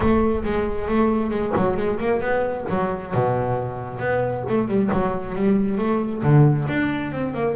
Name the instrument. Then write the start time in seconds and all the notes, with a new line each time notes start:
double bass
0.00 A3
0.44 G#3
0.88 A3
1.30 G#3
1.56 F#3
1.76 G#3
1.99 A#3
2.20 B3
2.69 F#3
3.14 B2
3.99 B3
4.48 A3
4.67 G3
4.93 F#3
5.35 G3
5.78 A3
6.22 D3
6.68 D4
7.12 C4
7.34 A#3